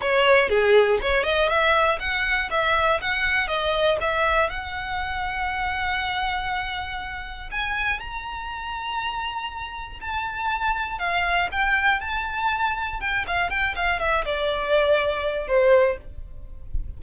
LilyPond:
\new Staff \with { instrumentName = "violin" } { \time 4/4 \tempo 4 = 120 cis''4 gis'4 cis''8 dis''8 e''4 | fis''4 e''4 fis''4 dis''4 | e''4 fis''2.~ | fis''2. gis''4 |
ais''1 | a''2 f''4 g''4 | a''2 g''8 f''8 g''8 f''8 | e''8 d''2~ d''8 c''4 | }